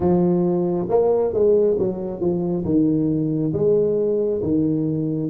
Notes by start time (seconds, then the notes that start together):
0.00 F3
0.89 A#3
1.33 G#3
1.78 F#3
2.20 F3
2.64 D#3
3.53 G#3
4.42 D#3